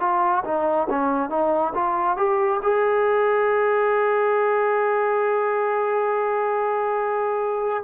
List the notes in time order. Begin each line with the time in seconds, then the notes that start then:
0.00 F4
0.44 D#4
0.89 C#4
1.29 D#4
1.74 F4
2.17 G4
2.62 G#4